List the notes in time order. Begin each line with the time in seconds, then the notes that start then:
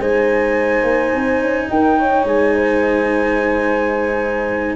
0.00 G#3 D#4 C5 G#5
0.83 A#3
1.15 C4
1.41 C#4
1.70 D#4 A#4 G5
1.99 C#5
2.25 G#3 G#5
2.55 C5